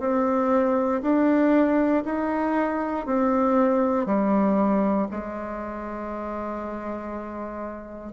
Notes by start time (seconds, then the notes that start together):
0.00 C4
1.02 D4
2.05 D#4
3.06 C4
4.06 G3
5.11 G#3